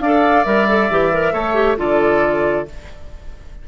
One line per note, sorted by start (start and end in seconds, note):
0.00 0.45 D4
0.00 0.46 A4
0.00 1.33 D5
0.00 0.44 F5
0.45 0.90 G3
0.45 0.68 A#4
0.45 1.78 E5
0.69 0.91 A4
0.90 1.33 E3
0.90 1.14 G4
1.14 1.34 A#4
1.33 1.77 A3
1.33 1.55 A4
1.33 1.78 C#5
1.55 1.77 G4
1.77 2.66 D3
1.77 2.67 F4
1.77 2.68 A4
1.77 2.68 D5